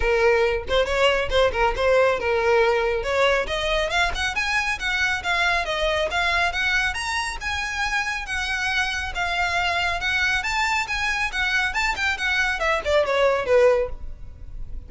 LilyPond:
\new Staff \with { instrumentName = "violin" } { \time 4/4 \tempo 4 = 138 ais'4. c''8 cis''4 c''8 ais'8 | c''4 ais'2 cis''4 | dis''4 f''8 fis''8 gis''4 fis''4 | f''4 dis''4 f''4 fis''4 |
ais''4 gis''2 fis''4~ | fis''4 f''2 fis''4 | a''4 gis''4 fis''4 a''8 g''8 | fis''4 e''8 d''8 cis''4 b'4 | }